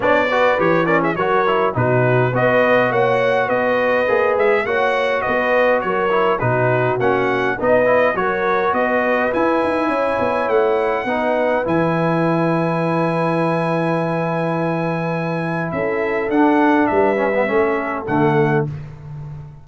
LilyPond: <<
  \new Staff \with { instrumentName = "trumpet" } { \time 4/4 \tempo 4 = 103 d''4 cis''8 d''16 e''16 cis''4 b'4 | dis''4 fis''4 dis''4. e''8 | fis''4 dis''4 cis''4 b'4 | fis''4 dis''4 cis''4 dis''4 |
gis''2 fis''2 | gis''1~ | gis''2. e''4 | fis''4 e''2 fis''4 | }
  \new Staff \with { instrumentName = "horn" } { \time 4/4 cis''8 b'4 ais'16 gis'16 ais'4 fis'4 | b'4 cis''4 b'2 | cis''4 b'4 ais'4 fis'4~ | fis'4 b'4 ais'4 b'4~ |
b'4 cis''2 b'4~ | b'1~ | b'2. a'4~ | a'4 b'4 a'2 | }
  \new Staff \with { instrumentName = "trombone" } { \time 4/4 d'8 fis'8 g'8 cis'8 fis'8 e'8 dis'4 | fis'2. gis'4 | fis'2~ fis'8 e'8 dis'4 | cis'4 dis'8 e'8 fis'2 |
e'2. dis'4 | e'1~ | e'1 | d'4. cis'16 b16 cis'4 a4 | }
  \new Staff \with { instrumentName = "tuba" } { \time 4/4 b4 e4 fis4 b,4 | b4 ais4 b4 ais8 gis8 | ais4 b4 fis4 b,4 | ais4 b4 fis4 b4 |
e'8 dis'8 cis'8 b8 a4 b4 | e1~ | e2. cis'4 | d'4 g4 a4 d4 | }
>>